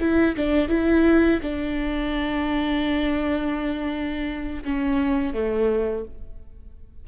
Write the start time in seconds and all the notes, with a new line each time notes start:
0.00 E4
0.36 D4
0.69 E4
1.42 D4
4.65 C#4
5.33 A3